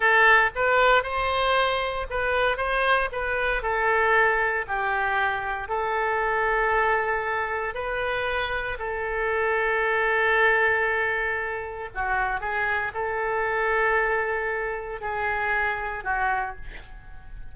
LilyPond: \new Staff \with { instrumentName = "oboe" } { \time 4/4 \tempo 4 = 116 a'4 b'4 c''2 | b'4 c''4 b'4 a'4~ | a'4 g'2 a'4~ | a'2. b'4~ |
b'4 a'2.~ | a'2. fis'4 | gis'4 a'2.~ | a'4 gis'2 fis'4 | }